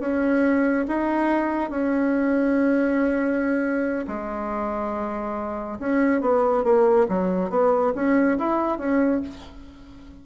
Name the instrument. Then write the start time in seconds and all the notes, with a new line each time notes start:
bassoon
0.00 C#4
0.88 D#4
1.70 C#4
4.07 G#3
5.79 C#4
6.21 B3
6.64 A#3
7.09 F#3
7.50 B3
7.95 C#4
8.38 E4
8.78 C#4